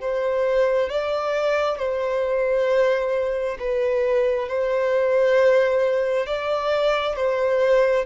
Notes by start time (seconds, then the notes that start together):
0.00 C5
0.90 D5
1.78 C5
3.59 B4
4.48 C5
6.26 D5
7.16 C5